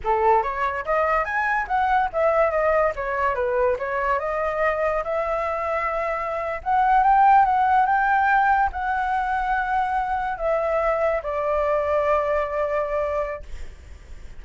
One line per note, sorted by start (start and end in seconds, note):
0.04 0.42 A4
0.42 0.84 C#5
0.85 1.24 D#5
1.24 1.66 G#5
1.67 2.09 F#5
2.13 2.51 E5
2.51 2.93 D#5
2.95 3.34 C#5
3.34 3.76 B4
3.79 4.19 C#5
4.19 5.03 D#5
5.03 6.61 E5
6.63 7.03 F#5
7.03 7.45 G5
7.45 7.86 F#5
7.86 8.70 G5
8.72 10.37 F#5
10.37 11.21 E5
11.22 13.42 D5